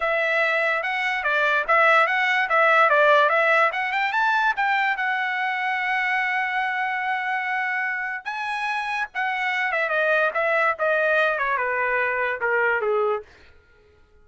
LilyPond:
\new Staff \with { instrumentName = "trumpet" } { \time 4/4 \tempo 4 = 145 e''2 fis''4 d''4 | e''4 fis''4 e''4 d''4 | e''4 fis''8 g''8 a''4 g''4 | fis''1~ |
fis''1 | gis''2 fis''4. e''8 | dis''4 e''4 dis''4. cis''8 | b'2 ais'4 gis'4 | }